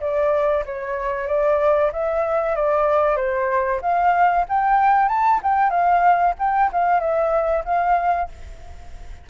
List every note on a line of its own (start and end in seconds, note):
0.00 0.64 D5
0.65 1.27 C#5
1.27 1.91 D5
1.92 2.55 E5
2.55 3.16 D5
3.16 3.80 C5
3.81 4.45 F5
4.49 5.08 G5
5.08 5.40 A5
5.42 5.70 G5
5.70 6.34 F5
6.39 6.71 G5
6.72 7.00 F5
7.00 7.64 E5
7.65 8.28 F5